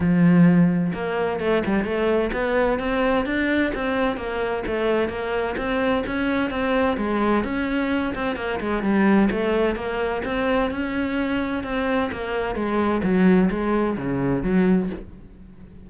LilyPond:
\new Staff \with { instrumentName = "cello" } { \time 4/4 \tempo 4 = 129 f2 ais4 a8 g8 | a4 b4 c'4 d'4 | c'4 ais4 a4 ais4 | c'4 cis'4 c'4 gis4 |
cis'4. c'8 ais8 gis8 g4 | a4 ais4 c'4 cis'4~ | cis'4 c'4 ais4 gis4 | fis4 gis4 cis4 fis4 | }